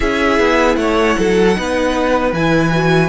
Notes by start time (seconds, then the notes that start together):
0.00 C#4 E4 G#4 E5
0.39 B3
0.76 A3 C#5 F#5
1.18 F#3 A4
1.55 B3 D#4 B4
2.32 E3 E4 G#5
2.71 F#4